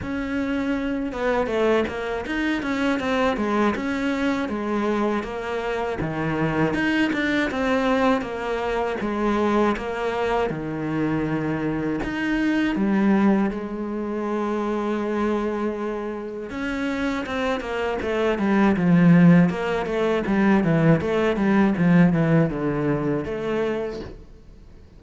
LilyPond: \new Staff \with { instrumentName = "cello" } { \time 4/4 \tempo 4 = 80 cis'4. b8 a8 ais8 dis'8 cis'8 | c'8 gis8 cis'4 gis4 ais4 | dis4 dis'8 d'8 c'4 ais4 | gis4 ais4 dis2 |
dis'4 g4 gis2~ | gis2 cis'4 c'8 ais8 | a8 g8 f4 ais8 a8 g8 e8 | a8 g8 f8 e8 d4 a4 | }